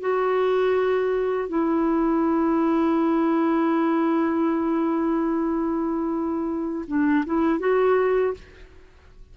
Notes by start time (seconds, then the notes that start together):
0.00 F#4
1.48 E4
6.87 D4
7.25 E4
7.59 F#4